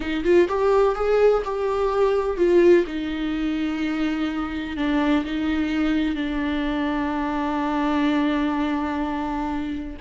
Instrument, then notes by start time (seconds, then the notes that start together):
viola
0.00 D#4
0.24 F4
0.48 G4
0.95 G#4
1.44 G4
2.37 F4
2.86 D#4
4.76 D4
5.24 D#4
6.15 D4